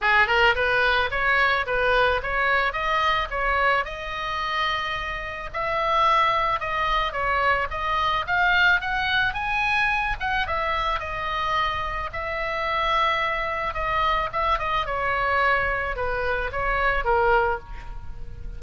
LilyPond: \new Staff \with { instrumentName = "oboe" } { \time 4/4 \tempo 4 = 109 gis'8 ais'8 b'4 cis''4 b'4 | cis''4 dis''4 cis''4 dis''4~ | dis''2 e''2 | dis''4 cis''4 dis''4 f''4 |
fis''4 gis''4. fis''8 e''4 | dis''2 e''2~ | e''4 dis''4 e''8 dis''8 cis''4~ | cis''4 b'4 cis''4 ais'4 | }